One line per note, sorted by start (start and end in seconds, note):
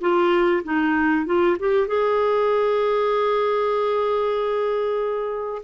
0.00 0.62 F4
0.63 1.25 D#4
1.25 1.57 F4
1.59 1.87 G4
1.87 5.62 G#4